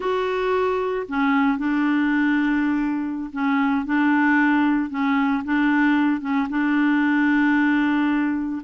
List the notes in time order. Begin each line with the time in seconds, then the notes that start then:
0.00 F#4
1.08 C#4
1.58 D4
3.33 C#4
3.85 D4
4.90 C#4
5.44 D4
6.21 C#4
6.49 D4